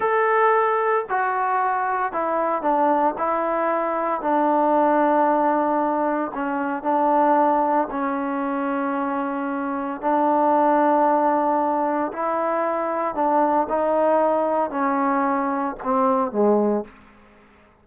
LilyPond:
\new Staff \with { instrumentName = "trombone" } { \time 4/4 \tempo 4 = 114 a'2 fis'2 | e'4 d'4 e'2 | d'1 | cis'4 d'2 cis'4~ |
cis'2. d'4~ | d'2. e'4~ | e'4 d'4 dis'2 | cis'2 c'4 gis4 | }